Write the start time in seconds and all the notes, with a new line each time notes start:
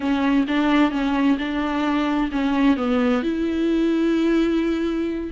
0.00 C#4
0.47 D4
0.91 C#4
1.38 D4
2.31 C#4
2.77 B3
3.22 E4